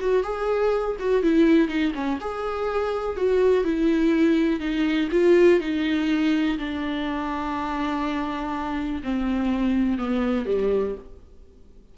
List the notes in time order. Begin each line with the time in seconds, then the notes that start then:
0.00 F#4
0.23 G#4
0.99 F#4
1.23 E4
1.68 D#4
1.94 C#4
2.21 G#4
3.17 F#4
3.64 E4
4.60 D#4
5.11 F4
5.60 D#4
6.58 D4
9.03 C4
9.98 B3
10.46 G3